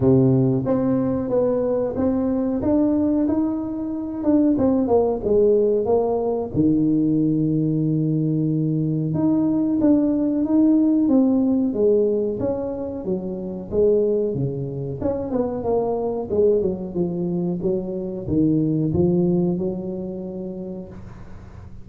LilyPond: \new Staff \with { instrumentName = "tuba" } { \time 4/4 \tempo 4 = 92 c4 c'4 b4 c'4 | d'4 dis'4. d'8 c'8 ais8 | gis4 ais4 dis2~ | dis2 dis'4 d'4 |
dis'4 c'4 gis4 cis'4 | fis4 gis4 cis4 cis'8 b8 | ais4 gis8 fis8 f4 fis4 | dis4 f4 fis2 | }